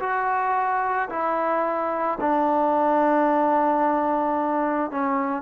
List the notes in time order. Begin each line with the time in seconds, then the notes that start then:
0.00 F#4
1.10 E4
2.21 D4
4.91 C#4